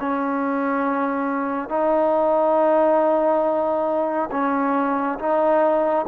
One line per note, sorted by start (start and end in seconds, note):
0.00 1.69 C#4
1.69 4.30 D#4
4.32 5.19 C#4
5.19 6.06 D#4